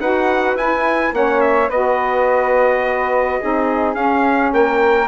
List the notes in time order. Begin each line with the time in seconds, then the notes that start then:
0.00 D#4 F#4 B4 F#5
0.55 E4 G#5
1.12 A#3 C#4 C#5 F#5
1.41 E5
1.69 B3 F#4 B4 D#5
3.40 C4 D#4 G#4
3.95 C#4 F5
4.53 A#3 A#4 G5